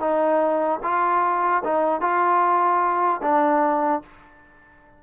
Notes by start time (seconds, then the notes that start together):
0.00 D#4
0.83 F4
1.64 D#4
2.01 F4
3.22 D4